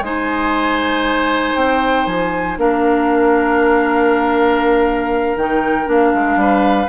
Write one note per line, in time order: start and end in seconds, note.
0.00 1.53 G#3
0.00 2.57 D#4
0.00 2.59 C5
0.00 1.56 G#5
1.55 2.06 C4
1.55 2.06 G5
2.06 2.57 F3
2.06 2.56 G#5
2.57 5.36 A#3
2.57 5.37 D4
2.57 6.40 A#4
2.57 5.37 F5
5.36 5.87 D#3
5.36 5.85 D#4
5.36 5.88 G5
5.85 6.13 A#3
5.85 6.87 D4
5.85 6.89 F5
6.14 6.35 G#3
6.35 6.86 G3
6.35 6.89 B4